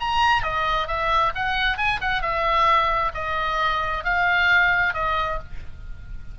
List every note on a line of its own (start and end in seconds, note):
0.00 0.43 A#5
0.43 0.88 D#5
0.88 1.33 E5
1.35 1.77 F#5
1.77 2.00 G#5
2.01 2.22 F#5
2.22 3.12 E5
3.14 4.04 D#5
4.04 4.94 F5
4.94 5.39 D#5